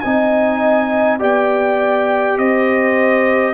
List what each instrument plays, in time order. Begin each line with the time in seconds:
0.00 tuba C4, trombone D#4, horn D#5, trumpet G#5
1.19 tuba B3, trombone G4, horn D5, trumpet G5
2.38 tuba C4, horn C5, trumpet D#5